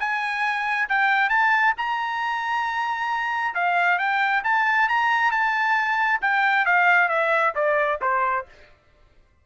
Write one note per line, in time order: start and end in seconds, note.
0.00 0.89 G#5
0.89 1.29 G5
1.29 1.74 A5
1.78 3.55 A#5
3.55 3.99 F5
3.99 4.43 G5
4.44 4.89 A5
4.89 5.32 A#5
5.32 6.20 A5
6.22 6.65 G5
6.65 7.09 F5
7.09 7.53 E5
7.55 8.00 D5
8.01 8.46 C5